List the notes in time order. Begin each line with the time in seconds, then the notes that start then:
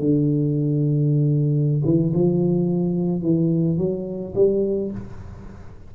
0.00 D3
1.85 E3
2.14 F3
3.22 E3
3.78 F#3
4.35 G3